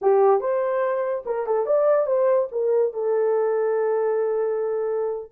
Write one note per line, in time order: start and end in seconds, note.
0.01 0.40 G4
0.40 1.23 C5
1.25 1.46 A#4
1.46 1.66 A4
1.66 2.06 D5
2.06 2.48 C5
2.51 2.93 A#4
2.93 5.32 A4